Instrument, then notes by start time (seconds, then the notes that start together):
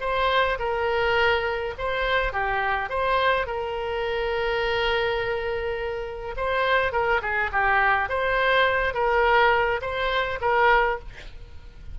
oboe
0.00 C5
0.58 A#4
1.78 C5
2.32 G4
2.89 C5
3.46 A#4
6.36 C5
6.92 A#4
7.21 G#4
7.52 G4
8.09 C5
8.94 A#4
9.81 C5
10.41 A#4